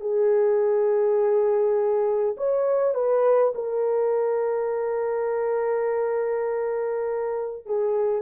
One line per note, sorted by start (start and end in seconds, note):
0.00 2.35 G#4
2.37 2.94 C#5
2.94 3.53 B4
3.55 7.66 A#4
7.66 8.21 G#4